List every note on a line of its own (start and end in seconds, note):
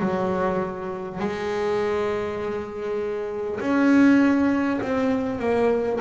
0.00 1.20 F#3
1.20 3.60 G#3
3.60 4.80 C#4
4.82 5.39 C4
5.39 5.99 A#3